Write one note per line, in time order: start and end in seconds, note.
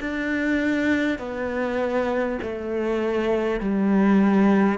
0.00 1.19 D4
1.19 2.39 B3
2.42 3.61 A3
3.61 4.78 G3